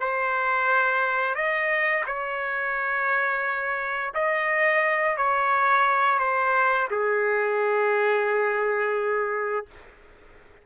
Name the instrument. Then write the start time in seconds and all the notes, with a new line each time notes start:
trumpet
0.00 C5
1.35 D#5
2.07 C#5
4.14 D#5
5.17 C#5
6.19 C5
6.90 G#4